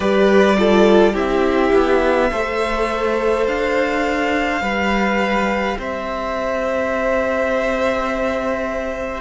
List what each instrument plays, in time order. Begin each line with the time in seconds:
0.00 cello G3, viola G4, violin B4 D5
0.56 viola F4, violin A4
1.12 cello C4, viola E4, violin G4 E5
1.73 cello B3
2.31 cello A3, viola A4, violin C5
3.46 cello D4, violin F5
4.61 cello G3, viola G4, violin B4
5.78 cello C4, violin C5 E5